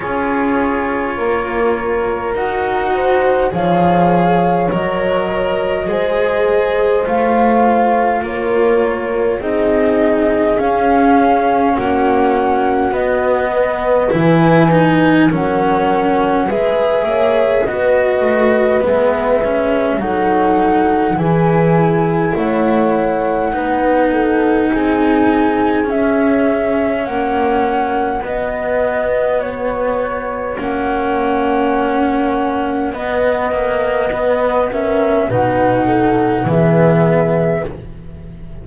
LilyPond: <<
  \new Staff \with { instrumentName = "flute" } { \time 4/4 \tempo 4 = 51 cis''2 fis''4 f''4 | dis''2 f''4 cis''4 | dis''4 f''4 fis''4 dis''4 | gis''4 fis''4 e''4 dis''4 |
e''4 fis''4 gis''4 fis''4~ | fis''4 gis''4 e''4 fis''4 | dis''4 cis''4 fis''2 | dis''4. e''8 fis''4 e''4 | }
  \new Staff \with { instrumentName = "horn" } { \time 4/4 gis'4 ais'4. c''8 cis''4~ | cis''4 c''2 ais'4 | gis'2 fis'4. b'8~ | b'4 ais'4 b'8 cis''8 b'4~ |
b'4 a'4 gis'4 cis''4 | b'8 a'8 gis'2 fis'4~ | fis'1~ | fis'4 b'8 ais'8 b'8 a'8 gis'4 | }
  \new Staff \with { instrumentName = "cello" } { \time 4/4 f'2 fis'4 gis'4 | ais'4 gis'4 f'2 | dis'4 cis'2 b4 | e'8 dis'8 cis'4 gis'4 fis'4 |
b8 cis'8 dis'4 e'2 | dis'2 cis'2 | b2 cis'2 | b8 ais8 b8 cis'8 dis'4 b4 | }
  \new Staff \with { instrumentName = "double bass" } { \time 4/4 cis'4 ais4 dis'4 f4 | fis4 gis4 a4 ais4 | c'4 cis'4 ais4 b4 | e4 fis4 gis8 ais8 b8 a8 |
gis4 fis4 e4 a4 | b4 c'4 cis'4 ais4 | b2 ais2 | b2 b,4 e4 | }
>>